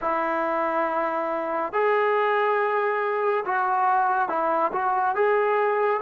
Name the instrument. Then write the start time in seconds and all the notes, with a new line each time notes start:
trombone
0.01 E4
1.73 G#4
3.45 F#4
4.29 E4
4.72 F#4
5.15 G#4